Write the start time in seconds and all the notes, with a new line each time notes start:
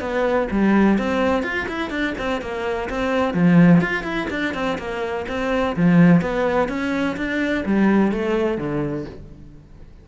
0.00 B3
0.51 G3
0.98 C4
1.43 F4
1.68 E4
1.90 D4
2.18 C4
2.41 A#3
2.89 C4
3.34 F3
3.81 F4
4.03 E4
4.30 D4
4.54 C4
4.78 A#3
5.28 C4
5.76 F3
6.21 B3
6.69 C#4
7.16 D4
7.65 G3
8.12 A3
8.58 D3